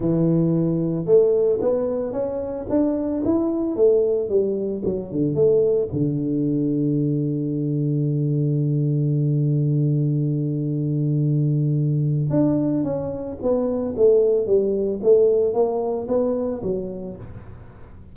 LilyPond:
\new Staff \with { instrumentName = "tuba" } { \time 4/4 \tempo 4 = 112 e2 a4 b4 | cis'4 d'4 e'4 a4 | g4 fis8 d8 a4 d4~ | d1~ |
d1~ | d2. d'4 | cis'4 b4 a4 g4 | a4 ais4 b4 fis4 | }